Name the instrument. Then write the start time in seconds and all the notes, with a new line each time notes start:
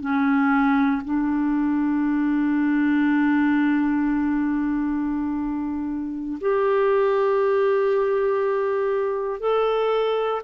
clarinet
0.00 C#4
1.04 D4
6.41 G4
9.40 A4